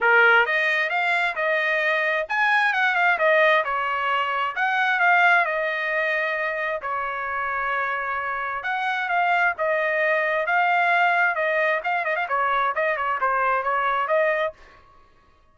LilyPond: \new Staff \with { instrumentName = "trumpet" } { \time 4/4 \tempo 4 = 132 ais'4 dis''4 f''4 dis''4~ | dis''4 gis''4 fis''8 f''8 dis''4 | cis''2 fis''4 f''4 | dis''2. cis''4~ |
cis''2. fis''4 | f''4 dis''2 f''4~ | f''4 dis''4 f''8 dis''16 f''16 cis''4 | dis''8 cis''8 c''4 cis''4 dis''4 | }